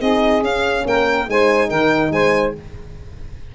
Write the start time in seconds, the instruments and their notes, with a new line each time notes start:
0.00 tuba C4, horn D#4, saxophone G#4, violin D#5
0.42 tuba C#4, horn C#4, violin F5
0.86 tuba A#3, saxophone A#4, violin G5
1.28 tuba G#3, horn D#4, saxophone C5, violin G#5
1.69 tuba D#3, saxophone A#4, violin G5
2.11 tuba G#3, saxophone C5, violin G#5